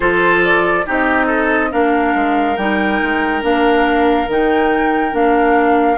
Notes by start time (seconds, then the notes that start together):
0.00 F3 F4 A4 C5
0.44 D5
0.85 C4 D#4 G4 D#5
1.26 A4
1.70 A#3 D4 A#4 F5
2.14 G#3
2.56 G3 D#4 G5
3.02 G#3
3.41 A#3 D4 F5
4.27 D#3 D#4 G5
5.11 A#3 D4 F5